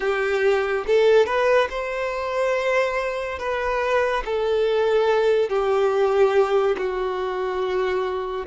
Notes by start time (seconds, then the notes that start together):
0.00 G4
0.86 A4
1.26 B4
1.69 C5
3.38 B4
4.25 A4
5.49 G4
6.77 F#4